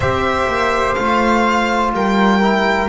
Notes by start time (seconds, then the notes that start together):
0.00 C4 G4 C5 E5
0.47 A#3
0.94 A3 F4 F5
1.93 G3 A#4 G5
2.41 E4